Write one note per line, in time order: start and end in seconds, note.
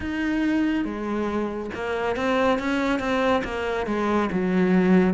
0.00 0.84 D#4
0.84 1.70 G#3
1.74 2.16 A#3
2.16 2.58 C4
2.58 2.99 C#4
2.99 3.42 C4
3.44 3.86 A#3
3.86 4.29 G#3
4.32 5.14 F#3